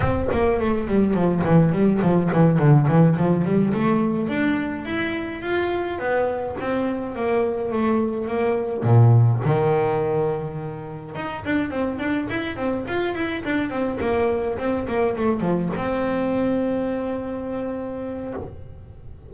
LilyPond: \new Staff \with { instrumentName = "double bass" } { \time 4/4 \tempo 4 = 105 c'8 ais8 a8 g8 f8 e8 g8 f8 | e8 d8 e8 f8 g8 a4 d'8~ | d'8 e'4 f'4 b4 c'8~ | c'8 ais4 a4 ais4 ais,8~ |
ais,8 dis2. dis'8 | d'8 c'8 d'8 e'8 c'8 f'8 e'8 d'8 | c'8 ais4 c'8 ais8 a8 f8 c'8~ | c'1 | }